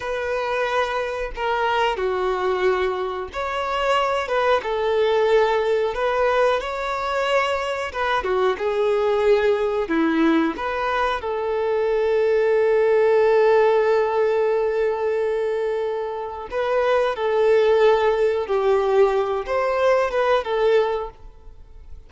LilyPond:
\new Staff \with { instrumentName = "violin" } { \time 4/4 \tempo 4 = 91 b'2 ais'4 fis'4~ | fis'4 cis''4. b'8 a'4~ | a'4 b'4 cis''2 | b'8 fis'8 gis'2 e'4 |
b'4 a'2.~ | a'1~ | a'4 b'4 a'2 | g'4. c''4 b'8 a'4 | }